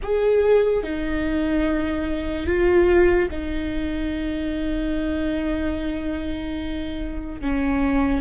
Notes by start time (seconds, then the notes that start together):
0.02 G#4
0.83 D#4
2.46 F4
3.31 D#4
7.41 C#4